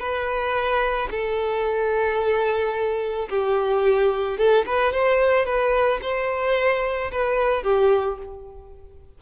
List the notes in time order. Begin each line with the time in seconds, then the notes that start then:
0.00 B4
1.11 A4
3.30 G4
4.38 A4
4.66 B4
4.93 C5
5.46 B4
6.02 C5
7.12 B4
7.64 G4